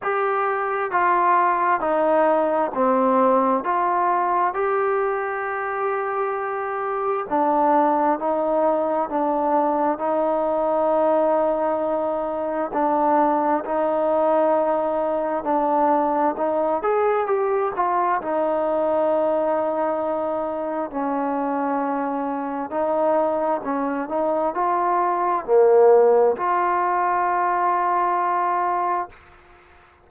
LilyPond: \new Staff \with { instrumentName = "trombone" } { \time 4/4 \tempo 4 = 66 g'4 f'4 dis'4 c'4 | f'4 g'2. | d'4 dis'4 d'4 dis'4~ | dis'2 d'4 dis'4~ |
dis'4 d'4 dis'8 gis'8 g'8 f'8 | dis'2. cis'4~ | cis'4 dis'4 cis'8 dis'8 f'4 | ais4 f'2. | }